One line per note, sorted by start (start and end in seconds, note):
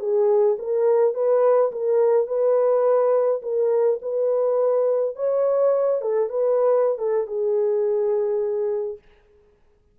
0.00 0.57 G#4
0.59 1.15 A#4
1.15 1.72 B4
1.72 2.28 A#4
2.28 3.42 B4
3.43 4.00 A#4
4.02 5.16 B4
5.16 6.02 C#5
6.02 6.30 A4
6.30 6.99 B4
6.99 7.27 A4
7.27 8.99 G#4